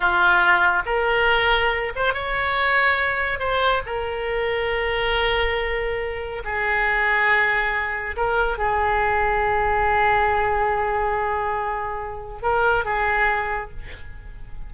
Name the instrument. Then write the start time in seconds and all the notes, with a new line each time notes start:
oboe
0.00 F4
0.85 A#4
1.95 C5
2.13 C#5
3.39 C5
3.86 A#4
6.44 G#4
8.16 A#4
8.57 G#4
12.42 A#4
12.85 G#4